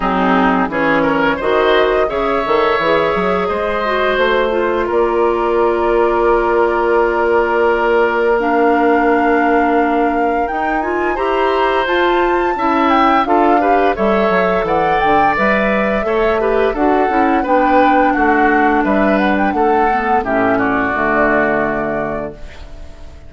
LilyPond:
<<
  \new Staff \with { instrumentName = "flute" } { \time 4/4 \tempo 4 = 86 gis'4 cis''4 dis''4 e''4~ | e''4 dis''4 c''4 d''4~ | d''1 | f''2. g''8 gis''8 |
ais''4 a''4. g''8 f''4 | e''4 fis''8 g''8 e''2 | fis''4 g''4 fis''4 e''8 fis''16 g''16 | fis''4 e''8 d''2~ d''8 | }
  \new Staff \with { instrumentName = "oboe" } { \time 4/4 dis'4 gis'8 ais'8 c''4 cis''4~ | cis''4 c''2 ais'4~ | ais'1~ | ais'1 |
c''2 e''4 a'8 b'8 | cis''4 d''2 cis''8 b'8 | a'4 b'4 fis'4 b'4 | a'4 g'8 fis'2~ fis'8 | }
  \new Staff \with { instrumentName = "clarinet" } { \time 4/4 c'4 cis'4 fis'4 gis'8 a'8 | gis'4. fis'4 f'4.~ | f'1 | d'2. dis'8 f'8 |
g'4 f'4 e'4 f'8 g'8 | a'2 b'4 a'8 g'8 | fis'8 e'8 d'2.~ | d'8 b8 cis'4 a2 | }
  \new Staff \with { instrumentName = "bassoon" } { \time 4/4 fis4 e4 dis4 cis8 dis8 | e8 fis8 gis4 a4 ais4~ | ais1~ | ais2. dis'4 |
e'4 f'4 cis'4 d'4 | g8 fis8 e8 d8 g4 a4 | d'8 cis'8 b4 a4 g4 | a4 a,4 d2 | }
>>